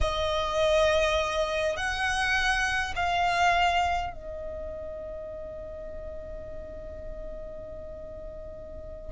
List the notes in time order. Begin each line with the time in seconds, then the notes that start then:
0.00 D#5
1.76 F#5
2.95 F5
4.13 D#5